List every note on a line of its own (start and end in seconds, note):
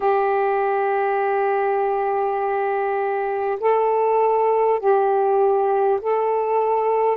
0.00 3.58 G4
3.59 4.79 A4
4.79 5.99 G4
6.01 7.17 A4